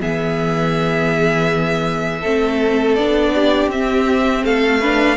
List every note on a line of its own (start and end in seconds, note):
0.00 2.24 E3
0.00 2.22 B3
0.00 2.21 G#4
0.00 2.95 E5
2.21 2.98 A3
2.21 2.98 C4
2.21 3.32 A4
2.95 3.67 B3
2.95 3.72 D4
2.95 3.69 D5
3.35 4.45 G4
3.67 4.41 C4
3.67 4.82 C4
3.67 4.45 E5
4.44 5.17 A3
4.44 4.81 A4
4.44 5.17 F5
4.81 5.17 D4
4.81 5.17 B4